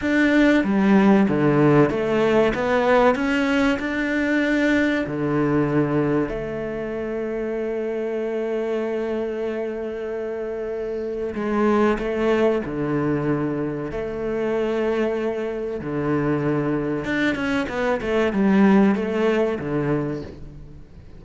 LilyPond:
\new Staff \with { instrumentName = "cello" } { \time 4/4 \tempo 4 = 95 d'4 g4 d4 a4 | b4 cis'4 d'2 | d2 a2~ | a1~ |
a2 gis4 a4 | d2 a2~ | a4 d2 d'8 cis'8 | b8 a8 g4 a4 d4 | }